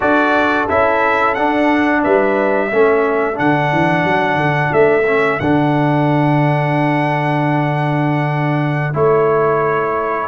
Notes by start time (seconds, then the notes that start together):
0.00 D4 F#4 A4 D5
0.68 C#4 E4 E5
1.34 D4 F#5
2.03 G3 B4 E5
2.69 A3 C#4 A4
3.34 D3 D4 F#5
3.72 E3
4.04 F#3
4.35 D3
4.72 A3 E5
5.07 C#4
5.39 D3 D4 F#5
8.93 A3 E4 C#5